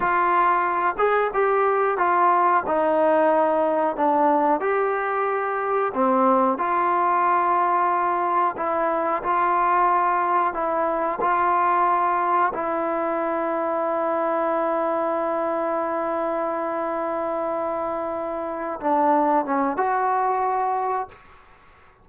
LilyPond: \new Staff \with { instrumentName = "trombone" } { \time 4/4 \tempo 4 = 91 f'4. gis'8 g'4 f'4 | dis'2 d'4 g'4~ | g'4 c'4 f'2~ | f'4 e'4 f'2 |
e'4 f'2 e'4~ | e'1~ | e'1~ | e'8 d'4 cis'8 fis'2 | }